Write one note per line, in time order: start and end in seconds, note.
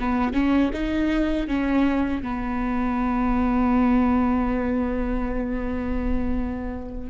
0.00 0.33 B3
0.33 0.71 C#4
0.73 1.48 D#4
1.48 2.23 C#4
2.23 7.10 B3